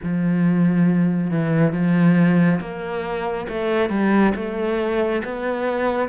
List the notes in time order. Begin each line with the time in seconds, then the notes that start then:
0.02 F3
1.30 E3
1.72 F3
2.60 A#3
3.48 A3
3.89 G3
4.35 A3
5.24 B3